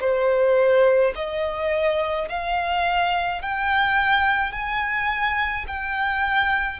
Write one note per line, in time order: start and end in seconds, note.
0.00 1.13 C5
1.15 2.28 D#5
2.29 3.42 F5
3.42 4.52 G5
4.52 5.65 G#5
5.67 6.80 G5